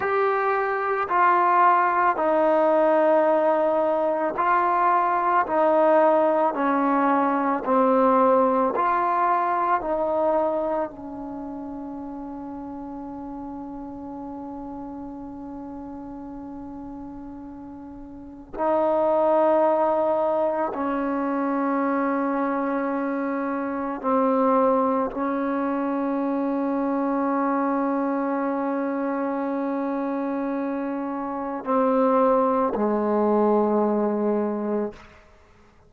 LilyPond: \new Staff \with { instrumentName = "trombone" } { \time 4/4 \tempo 4 = 55 g'4 f'4 dis'2 | f'4 dis'4 cis'4 c'4 | f'4 dis'4 cis'2~ | cis'1~ |
cis'4 dis'2 cis'4~ | cis'2 c'4 cis'4~ | cis'1~ | cis'4 c'4 gis2 | }